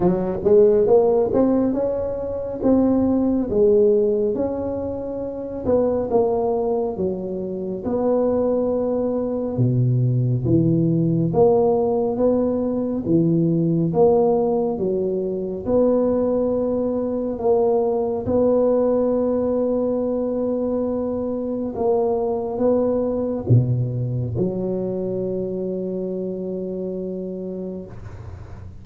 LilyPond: \new Staff \with { instrumentName = "tuba" } { \time 4/4 \tempo 4 = 69 fis8 gis8 ais8 c'8 cis'4 c'4 | gis4 cis'4. b8 ais4 | fis4 b2 b,4 | e4 ais4 b4 e4 |
ais4 fis4 b2 | ais4 b2.~ | b4 ais4 b4 b,4 | fis1 | }